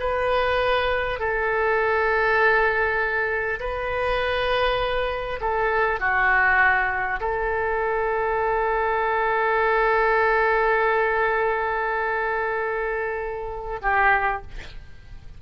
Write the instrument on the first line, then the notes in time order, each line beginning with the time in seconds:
oboe
0.00 B4
1.19 A4
3.60 B4
5.41 A4
6.00 F#4
7.21 A4
13.82 G4